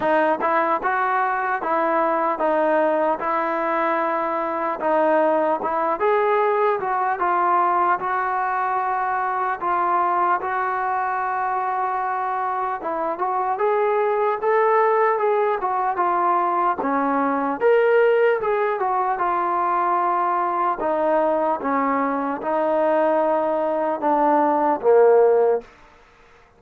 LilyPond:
\new Staff \with { instrumentName = "trombone" } { \time 4/4 \tempo 4 = 75 dis'8 e'8 fis'4 e'4 dis'4 | e'2 dis'4 e'8 gis'8~ | gis'8 fis'8 f'4 fis'2 | f'4 fis'2. |
e'8 fis'8 gis'4 a'4 gis'8 fis'8 | f'4 cis'4 ais'4 gis'8 fis'8 | f'2 dis'4 cis'4 | dis'2 d'4 ais4 | }